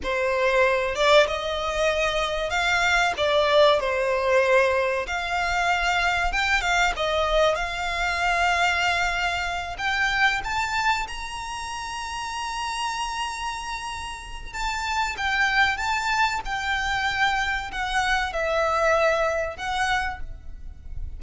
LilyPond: \new Staff \with { instrumentName = "violin" } { \time 4/4 \tempo 4 = 95 c''4. d''8 dis''2 | f''4 d''4 c''2 | f''2 g''8 f''8 dis''4 | f''2.~ f''8 g''8~ |
g''8 a''4 ais''2~ ais''8~ | ais''2. a''4 | g''4 a''4 g''2 | fis''4 e''2 fis''4 | }